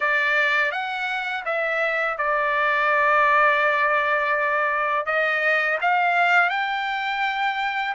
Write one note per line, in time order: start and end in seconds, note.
0.00 0.71 D5
0.71 1.44 F#5
1.45 2.17 E5
2.17 5.06 D5
5.06 5.78 D#5
5.81 6.49 F5
6.49 7.94 G5